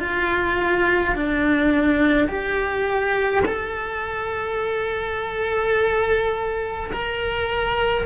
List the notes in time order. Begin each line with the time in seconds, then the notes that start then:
0.00 F4
1.15 D4
2.28 G4
3.46 A4
6.93 A#4